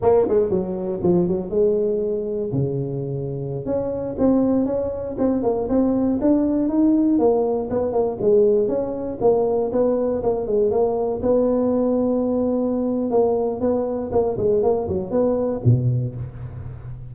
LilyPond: \new Staff \with { instrumentName = "tuba" } { \time 4/4 \tempo 4 = 119 ais8 gis8 fis4 f8 fis8 gis4~ | gis4 cis2~ cis16 cis'8.~ | cis'16 c'4 cis'4 c'8 ais8 c'8.~ | c'16 d'4 dis'4 ais4 b8 ais16~ |
ais16 gis4 cis'4 ais4 b8.~ | b16 ais8 gis8 ais4 b4.~ b16~ | b2 ais4 b4 | ais8 gis8 ais8 fis8 b4 b,4 | }